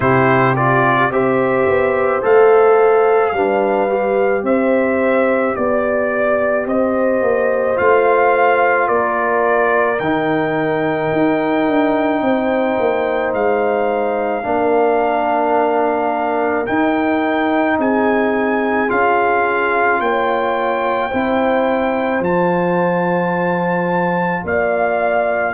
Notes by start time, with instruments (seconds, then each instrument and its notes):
0.00 tuba C3, trombone E4, horn G4, trumpet C5
0.56 trombone F4, trumpet D5
1.10 tuba C4, trombone G4, horn C5, trumpet E5
1.66 tuba B3
2.22 tuba A3, trombone A4, trumpet F5
3.32 tuba G3, trombone D4, horn B4
3.88 trombone G4
4.42 tuba C4, horn C5, trumpet E5
5.55 tuba B3, trumpet D5, horn D5
6.66 tuba C4, horn C5, trumpet D#5
7.21 tuba A#3
7.75 tuba A3, trombone F4, trumpet F5
8.87 tuba A#3, horn A#4, trumpet D5
9.99 tuba D#3, trombone D#4, trumpet G5
11.12 tuba D#4
11.67 tuba D4
12.21 tuba C4, horn C5
12.79 tuba A#3
13.33 tuba G#3, trumpet F5
14.43 tuba A#3, trombone D4, horn A#4
16.66 trombone D#4, tuba D#4, trumpet G5
17.78 tuba C4, horn G#4, trumpet G#5
18.87 tuba C#4, trombone F4, trumpet F5
19.99 tuba A#3, horn C#5, trumpet G5
21.09 tuba C4, trombone E4, horn C5
22.20 tuba F3, trombone F4, trumpet A5
24.44 tuba A#3, horn D5, trumpet F5